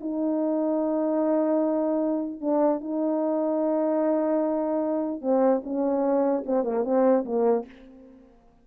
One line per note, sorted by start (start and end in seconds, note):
0.00 2.40 D#4
2.40 2.81 D4
2.81 5.21 D#4
5.21 5.61 C4
5.63 6.44 C#4
6.46 6.64 C4
6.64 6.84 A#3
6.84 7.24 C4
7.25 7.65 A#3